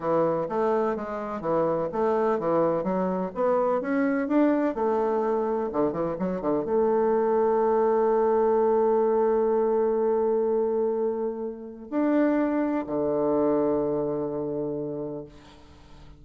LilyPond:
\new Staff \with { instrumentName = "bassoon" } { \time 4/4 \tempo 4 = 126 e4 a4 gis4 e4 | a4 e4 fis4 b4 | cis'4 d'4 a2 | d8 e8 fis8 d8 a2~ |
a1~ | a1~ | a4 d'2 d4~ | d1 | }